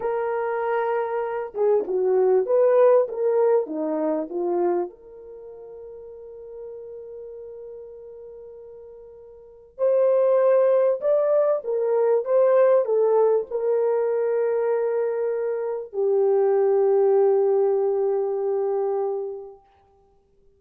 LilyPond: \new Staff \with { instrumentName = "horn" } { \time 4/4 \tempo 4 = 98 ais'2~ ais'8 gis'8 fis'4 | b'4 ais'4 dis'4 f'4 | ais'1~ | ais'1 |
c''2 d''4 ais'4 | c''4 a'4 ais'2~ | ais'2 g'2~ | g'1 | }